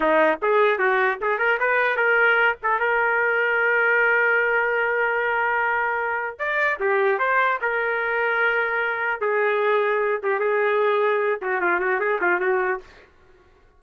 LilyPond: \new Staff \with { instrumentName = "trumpet" } { \time 4/4 \tempo 4 = 150 dis'4 gis'4 fis'4 gis'8 ais'8 | b'4 ais'4. a'8 ais'4~ | ais'1~ | ais'1 |
d''4 g'4 c''4 ais'4~ | ais'2. gis'4~ | gis'4. g'8 gis'2~ | gis'8 fis'8 f'8 fis'8 gis'8 f'8 fis'4 | }